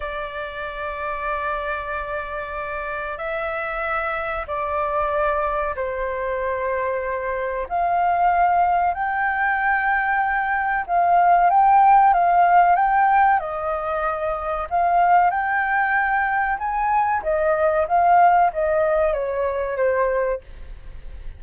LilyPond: \new Staff \with { instrumentName = "flute" } { \time 4/4 \tempo 4 = 94 d''1~ | d''4 e''2 d''4~ | d''4 c''2. | f''2 g''2~ |
g''4 f''4 g''4 f''4 | g''4 dis''2 f''4 | g''2 gis''4 dis''4 | f''4 dis''4 cis''4 c''4 | }